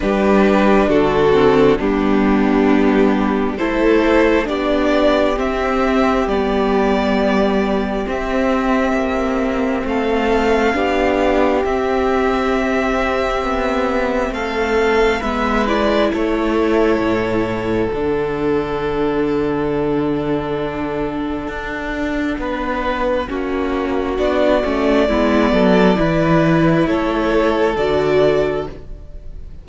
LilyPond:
<<
  \new Staff \with { instrumentName = "violin" } { \time 4/4 \tempo 4 = 67 b'4 a'4 g'2 | c''4 d''4 e''4 d''4~ | d''4 e''2 f''4~ | f''4 e''2. |
f''4 e''8 d''8 cis''2 | fis''1~ | fis''2. d''4~ | d''2 cis''4 d''4 | }
  \new Staff \with { instrumentName = "violin" } { \time 4/4 g'4 fis'4 d'2 | a'4 g'2.~ | g'2. a'4 | g'1 |
a'4 b'4 a'2~ | a'1~ | a'4 b'4 fis'2 | e'8 a'8 b'4 a'2 | }
  \new Staff \with { instrumentName = "viola" } { \time 4/4 d'4. c'8 b2 | e'4 d'4 c'4 b4~ | b4 c'2. | d'4 c'2.~ |
c'4 b8 e'2~ e'8 | d'1~ | d'2 cis'4 d'8 cis'8 | b4 e'2 fis'4 | }
  \new Staff \with { instrumentName = "cello" } { \time 4/4 g4 d4 g2 | a4 b4 c'4 g4~ | g4 c'4 ais4 a4 | b4 c'2 b4 |
a4 gis4 a4 a,4 | d1 | d'4 b4 ais4 b8 a8 | gis8 fis8 e4 a4 d4 | }
>>